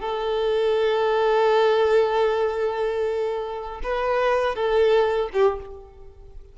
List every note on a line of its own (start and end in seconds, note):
0.00 3.81 A4
3.83 4.55 B4
4.55 5.29 A4
5.33 5.58 G4